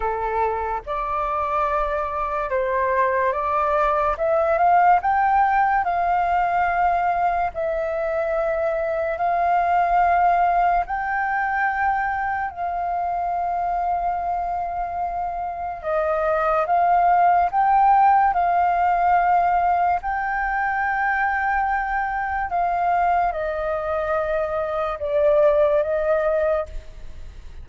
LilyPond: \new Staff \with { instrumentName = "flute" } { \time 4/4 \tempo 4 = 72 a'4 d''2 c''4 | d''4 e''8 f''8 g''4 f''4~ | f''4 e''2 f''4~ | f''4 g''2 f''4~ |
f''2. dis''4 | f''4 g''4 f''2 | g''2. f''4 | dis''2 d''4 dis''4 | }